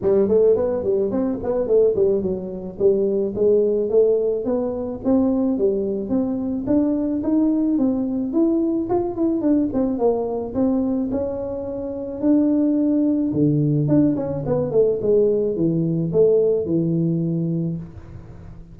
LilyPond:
\new Staff \with { instrumentName = "tuba" } { \time 4/4 \tempo 4 = 108 g8 a8 b8 g8 c'8 b8 a8 g8 | fis4 g4 gis4 a4 | b4 c'4 g4 c'4 | d'4 dis'4 c'4 e'4 |
f'8 e'8 d'8 c'8 ais4 c'4 | cis'2 d'2 | d4 d'8 cis'8 b8 a8 gis4 | e4 a4 e2 | }